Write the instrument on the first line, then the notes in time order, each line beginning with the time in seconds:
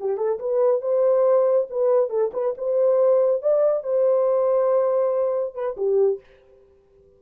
horn
0.00 G4
0.17 A4
0.39 B4
0.81 C5
1.70 B4
2.10 A4
2.33 B4
2.58 C5
3.42 D5
3.83 C5
5.54 B4
5.77 G4